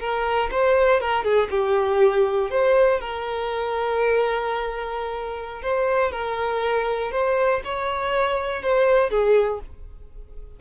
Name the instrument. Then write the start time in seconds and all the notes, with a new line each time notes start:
violin
0.00 A#4
0.51 C5
1.00 A#4
1.24 G#4
1.50 G4
2.50 C5
3.00 A#4
5.62 C5
6.12 A#4
7.12 C5
7.65 C#5
8.62 C5
9.10 G#4